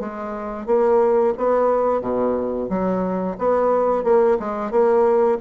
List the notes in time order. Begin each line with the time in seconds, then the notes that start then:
0.00 G#3
0.67 A#3
1.38 B3
2.01 B2
2.70 F#3
3.38 B3
4.04 A#3
4.40 G#3
4.71 A#3